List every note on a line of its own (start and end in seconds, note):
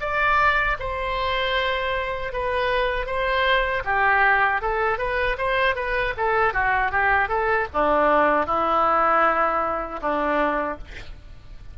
0.00 0.77 D5
0.79 2.33 C5
2.33 3.06 B4
3.06 3.83 C5
3.85 4.62 G4
4.62 4.98 A4
4.98 5.36 B4
5.38 5.76 C5
5.76 6.14 B4
6.17 6.53 A4
6.53 6.91 F#4
6.91 7.29 G4
7.29 7.67 A4
7.73 8.46 D4
8.46 10.00 E4
10.01 10.78 D4